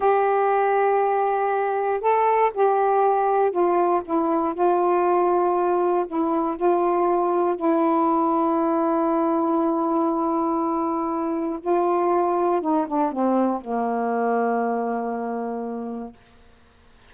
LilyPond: \new Staff \with { instrumentName = "saxophone" } { \time 4/4 \tempo 4 = 119 g'1 | a'4 g'2 f'4 | e'4 f'2. | e'4 f'2 e'4~ |
e'1~ | e'2. f'4~ | f'4 dis'8 d'8 c'4 ais4~ | ais1 | }